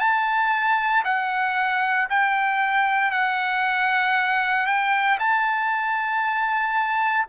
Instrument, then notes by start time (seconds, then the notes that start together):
trumpet
0.00 A5
1.05 F#5
2.10 G5
3.12 F#5
4.67 G5
5.20 A5